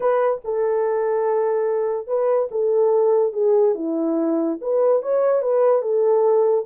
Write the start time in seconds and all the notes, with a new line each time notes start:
0.00 B4
0.44 A4
2.07 B4
2.51 A4
3.33 G#4
3.74 E4
4.61 B4
5.02 C#5
5.42 B4
5.82 A4